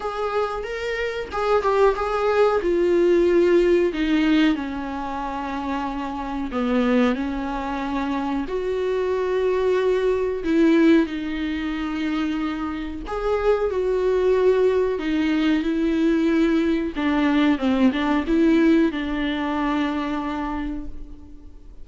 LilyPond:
\new Staff \with { instrumentName = "viola" } { \time 4/4 \tempo 4 = 92 gis'4 ais'4 gis'8 g'8 gis'4 | f'2 dis'4 cis'4~ | cis'2 b4 cis'4~ | cis'4 fis'2. |
e'4 dis'2. | gis'4 fis'2 dis'4 | e'2 d'4 c'8 d'8 | e'4 d'2. | }